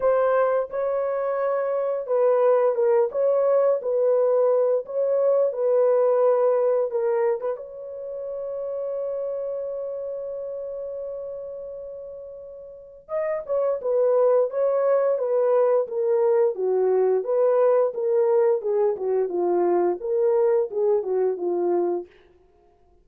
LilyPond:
\new Staff \with { instrumentName = "horn" } { \time 4/4 \tempo 4 = 87 c''4 cis''2 b'4 | ais'8 cis''4 b'4. cis''4 | b'2 ais'8. b'16 cis''4~ | cis''1~ |
cis''2. dis''8 cis''8 | b'4 cis''4 b'4 ais'4 | fis'4 b'4 ais'4 gis'8 fis'8 | f'4 ais'4 gis'8 fis'8 f'4 | }